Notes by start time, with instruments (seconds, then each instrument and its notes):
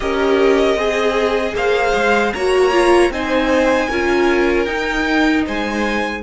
0.00 cello C#4, viola G4, violin A#4 D#5
0.75 cello C4, violin G#4, viola G#4
1.54 cello A#3, violin C5 F5
1.94 cello G#3
2.33 cello A#3, viola F#4, violin C#5 A#5
2.72 viola F4
3.10 cello C4, viola D#4, violin C5 G#5
3.89 cello C#4, viola F4, violin A#4
4.64 cello D#4, viola D#4, violin G5
5.46 cello G#3, violin C5 G#5